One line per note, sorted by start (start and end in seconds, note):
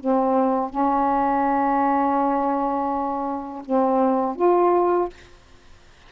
0.00 0.70 C4
0.70 3.63 C#4
3.65 4.36 C4
4.36 5.09 F4